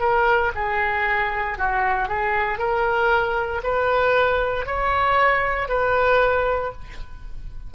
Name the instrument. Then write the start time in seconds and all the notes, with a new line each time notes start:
oboe
0.00 A#4
0.55 G#4
1.58 F#4
2.09 G#4
2.59 A#4
3.63 B4
4.66 C#5
5.68 B4